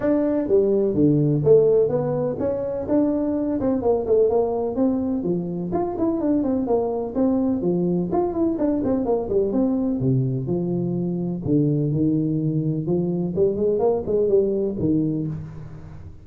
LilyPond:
\new Staff \with { instrumentName = "tuba" } { \time 4/4 \tempo 4 = 126 d'4 g4 d4 a4 | b4 cis'4 d'4. c'8 | ais8 a8 ais4 c'4 f4 | f'8 e'8 d'8 c'8 ais4 c'4 |
f4 f'8 e'8 d'8 c'8 ais8 g8 | c'4 c4 f2 | d4 dis2 f4 | g8 gis8 ais8 gis8 g4 dis4 | }